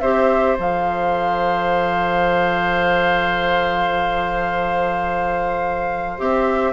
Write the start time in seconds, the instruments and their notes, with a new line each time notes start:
0.00 bassoon C4, clarinet G4, oboe C5, flute E5
0.57 bassoon F3, clarinet A4, flute F5
6.17 bassoon C4, clarinet G4, flute E5